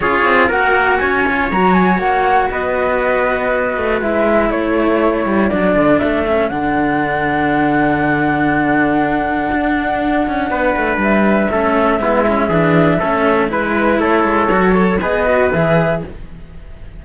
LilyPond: <<
  \new Staff \with { instrumentName = "flute" } { \time 4/4 \tempo 4 = 120 cis''4 fis''4 gis''4 ais''8 gis''8 | fis''4 dis''2. | e''4 cis''2 d''4 | e''4 fis''2.~ |
fis''1~ | fis''2 e''2~ | e''2. b'4 | cis''2 dis''4 e''4 | }
  \new Staff \with { instrumentName = "trumpet" } { \time 4/4 gis'4 ais'4 cis''2~ | cis''4 b'2.~ | b'4 a'2.~ | a'1~ |
a'1~ | a'4 b'2 a'4 | e'4 gis'4 a'4 b'4 | a'4. cis''8 b'2 | }
  \new Staff \with { instrumentName = "cello" } { \time 4/4 f'4 fis'4. f'8 fis'4~ | fis'1 | e'2. d'4~ | d'8 cis'8 d'2.~ |
d'1~ | d'2. cis'4 | b8 cis'8 d'4 cis'4 e'4~ | e'4 fis'8 a'8 gis'8 fis'8 gis'4 | }
  \new Staff \with { instrumentName = "cello" } { \time 4/4 cis'8 c'8 ais4 cis'4 fis4 | ais4 b2~ b8 a8 | gis4 a4. g8 fis8 d8 | a4 d2.~ |
d2. d'4~ | d'8 cis'8 b8 a8 g4 a4 | gis4 e4 a4 gis4 | a8 gis8 fis4 b4 e4 | }
>>